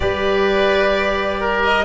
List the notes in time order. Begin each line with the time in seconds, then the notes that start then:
0.00 G3 G4 B4 D5
1.40 A#4
1.63 D#5